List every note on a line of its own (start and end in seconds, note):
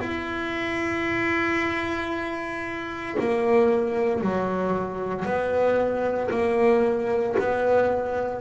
0.00 3.16 E4
3.19 4.21 A#3
4.21 5.25 F#3
5.25 6.30 B3
6.31 7.36 A#3
7.39 8.41 B3